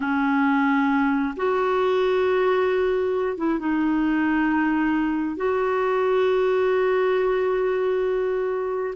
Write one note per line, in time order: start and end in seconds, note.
0.00 1.34 C#4
1.36 3.37 F#4
3.37 3.59 E4
3.59 5.36 D#4
5.36 8.94 F#4